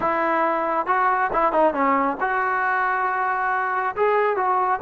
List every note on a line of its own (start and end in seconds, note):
0.00 0.86 E4
0.86 1.30 F#4
1.33 1.52 E4
1.52 1.73 D#4
1.73 2.17 C#4
2.20 3.95 F#4
3.96 4.36 G#4
4.36 4.80 F#4